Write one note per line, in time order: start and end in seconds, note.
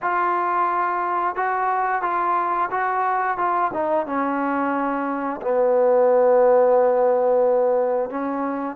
0.02 1.35 F4
1.35 2.02 F#4
2.02 2.69 F4
2.70 3.37 F#4
3.37 3.71 F4
3.73 4.06 D#4
4.06 5.41 C#4
5.41 8.10 B3
8.10 8.76 C#4